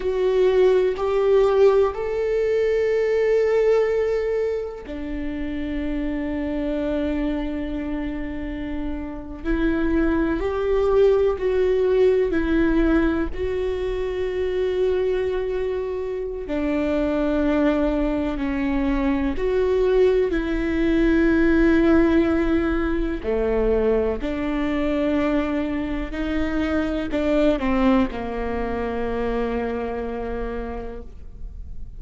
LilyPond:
\new Staff \with { instrumentName = "viola" } { \time 4/4 \tempo 4 = 62 fis'4 g'4 a'2~ | a'4 d'2.~ | d'4.~ d'16 e'4 g'4 fis'16~ | fis'8. e'4 fis'2~ fis'16~ |
fis'4 d'2 cis'4 | fis'4 e'2. | a4 d'2 dis'4 | d'8 c'8 ais2. | }